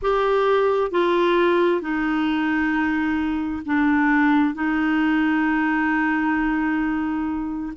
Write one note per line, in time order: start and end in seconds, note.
0.02 0.91 G4
0.91 1.81 F4
1.81 3.62 D#4
3.65 4.54 D4
4.54 7.72 D#4